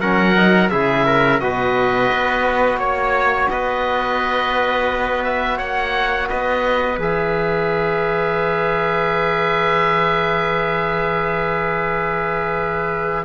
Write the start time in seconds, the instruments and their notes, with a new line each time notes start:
0.00 cello F#3, trombone C#4, trumpet A#4, oboe F#5
0.37 trombone D#4
0.70 cello C#3, trombone E4, trumpet G#4, oboe E5
1.06 trumpet A#4
1.40 cello B2, trombone F#4, trumpet B4, oboe D#5
2.12 cello B3
2.77 cello A#3, trumpet C#5, oboe C#5
3.50 cello B3, trumpet B4, oboe D#5
5.24 oboe E5
5.58 cello A#3, trumpet C#5, oboe F#5
6.29 cello B3, trumpet B4, oboe D#5
6.98 cello E3, trombone G#4, oboe E5